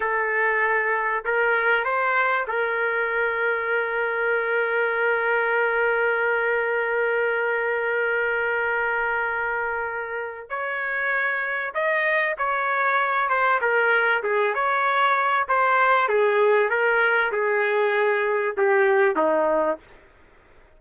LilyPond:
\new Staff \with { instrumentName = "trumpet" } { \time 4/4 \tempo 4 = 97 a'2 ais'4 c''4 | ais'1~ | ais'1~ | ais'1~ |
ais'4 cis''2 dis''4 | cis''4. c''8 ais'4 gis'8 cis''8~ | cis''4 c''4 gis'4 ais'4 | gis'2 g'4 dis'4 | }